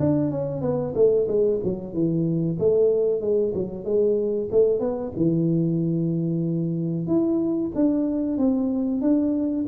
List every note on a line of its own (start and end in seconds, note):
0.00 0.31 D4
0.31 0.62 C#4
0.62 0.94 B3
0.95 1.28 A3
1.28 1.60 G#3
1.64 1.94 F#3
1.94 2.58 E3
2.60 3.21 A3
3.21 3.53 G#3
3.54 3.85 F#3
3.85 4.49 G#3
4.52 4.80 A3
4.80 5.12 B3
5.16 7.07 E3
7.07 7.72 E4
7.75 8.38 D4
8.38 9.01 C4
9.01 9.66 D4